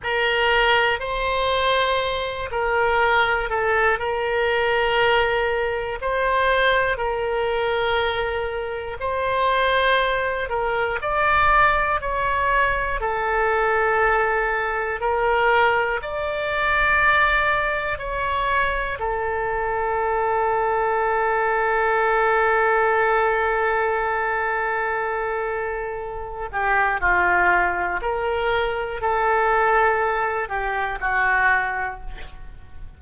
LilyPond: \new Staff \with { instrumentName = "oboe" } { \time 4/4 \tempo 4 = 60 ais'4 c''4. ais'4 a'8 | ais'2 c''4 ais'4~ | ais'4 c''4. ais'8 d''4 | cis''4 a'2 ais'4 |
d''2 cis''4 a'4~ | a'1~ | a'2~ a'8 g'8 f'4 | ais'4 a'4. g'8 fis'4 | }